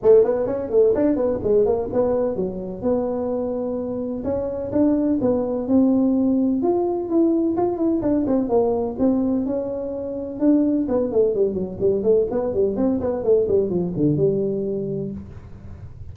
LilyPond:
\new Staff \with { instrumentName = "tuba" } { \time 4/4 \tempo 4 = 127 a8 b8 cis'8 a8 d'8 b8 gis8 ais8 | b4 fis4 b2~ | b4 cis'4 d'4 b4 | c'2 f'4 e'4 |
f'8 e'8 d'8 c'8 ais4 c'4 | cis'2 d'4 b8 a8 | g8 fis8 g8 a8 b8 g8 c'8 b8 | a8 g8 f8 d8 g2 | }